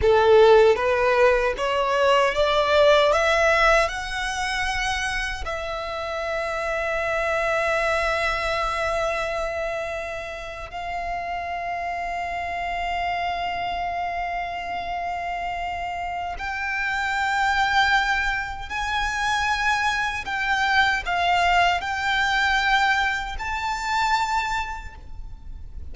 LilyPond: \new Staff \with { instrumentName = "violin" } { \time 4/4 \tempo 4 = 77 a'4 b'4 cis''4 d''4 | e''4 fis''2 e''4~ | e''1~ | e''4.~ e''16 f''2~ f''16~ |
f''1~ | f''4 g''2. | gis''2 g''4 f''4 | g''2 a''2 | }